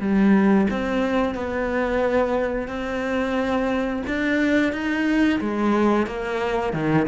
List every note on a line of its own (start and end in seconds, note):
0.00 0.67 G3
0.70 1.35 C4
1.35 2.68 B3
2.68 4.03 C4
4.07 4.73 D4
4.73 5.40 D#4
5.41 6.07 G#3
6.07 6.73 A#3
6.73 7.07 D#3